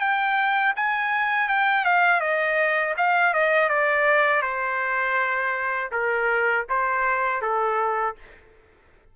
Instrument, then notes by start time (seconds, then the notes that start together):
trumpet
0.00 G5
0.76 G#5
1.49 G5
1.86 F5
2.21 D#5
2.97 F5
3.34 D#5
3.70 D5
4.42 C5
5.92 A#4
6.69 C5
7.42 A4